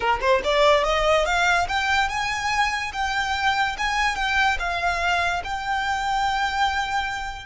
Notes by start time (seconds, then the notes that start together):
0.00 A#4
0.20 C5
0.44 D5
0.84 D#5
1.25 F5
1.68 G5
2.08 G#5
2.93 G5
3.78 G#5
4.15 G5
4.59 F5
5.44 G5